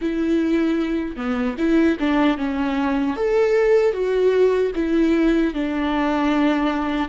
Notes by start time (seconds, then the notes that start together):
0.01 E4
1.16 B3
1.58 E4
1.99 D4
2.37 C#4
3.16 A4
3.93 F#4
4.75 E4
5.53 D4